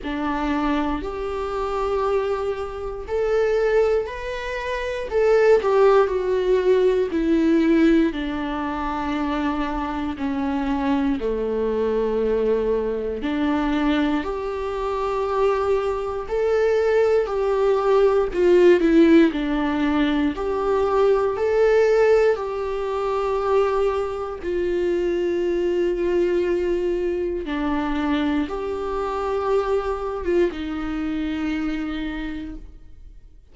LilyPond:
\new Staff \with { instrumentName = "viola" } { \time 4/4 \tempo 4 = 59 d'4 g'2 a'4 | b'4 a'8 g'8 fis'4 e'4 | d'2 cis'4 a4~ | a4 d'4 g'2 |
a'4 g'4 f'8 e'8 d'4 | g'4 a'4 g'2 | f'2. d'4 | g'4.~ g'16 f'16 dis'2 | }